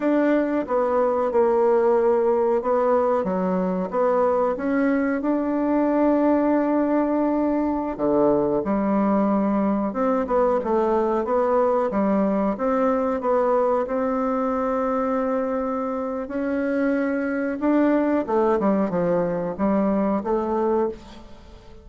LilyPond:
\new Staff \with { instrumentName = "bassoon" } { \time 4/4 \tempo 4 = 92 d'4 b4 ais2 | b4 fis4 b4 cis'4 | d'1~ | d'16 d4 g2 c'8 b16~ |
b16 a4 b4 g4 c'8.~ | c'16 b4 c'2~ c'8.~ | c'4 cis'2 d'4 | a8 g8 f4 g4 a4 | }